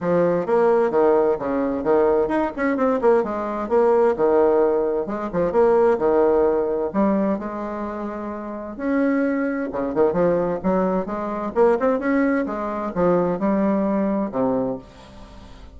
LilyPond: \new Staff \with { instrumentName = "bassoon" } { \time 4/4 \tempo 4 = 130 f4 ais4 dis4 cis4 | dis4 dis'8 cis'8 c'8 ais8 gis4 | ais4 dis2 gis8 f8 | ais4 dis2 g4 |
gis2. cis'4~ | cis'4 cis8 dis8 f4 fis4 | gis4 ais8 c'8 cis'4 gis4 | f4 g2 c4 | }